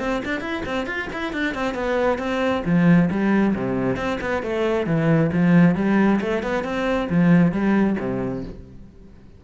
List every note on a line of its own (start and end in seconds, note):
0.00 0.22 C4
0.25 0.41 D4
0.41 0.63 E4
0.66 0.87 C4
0.87 1.09 F4
1.13 1.33 E4
1.33 1.55 D4
1.55 1.75 C4
1.75 2.19 B3
2.19 2.63 C4
2.66 3.10 F3
3.11 3.55 G3
3.56 3.97 C3
3.97 4.19 C4
4.21 4.43 B3
4.43 4.87 A3
4.87 5.31 E3
5.33 5.76 F3
5.76 6.20 G3
6.21 6.43 A3
6.43 6.64 B3
6.64 7.09 C4
7.10 7.52 F3
7.52 7.97 G3
8.00 8.45 C3